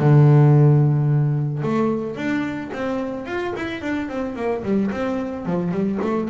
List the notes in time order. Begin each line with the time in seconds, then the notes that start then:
0.00 D3
1.63 A3
2.16 D4
2.73 C4
3.26 F4
3.56 E4
3.82 D4
4.09 C4
4.36 A#3
4.64 G3
4.92 C4
5.46 F3
5.72 G3
6.02 A3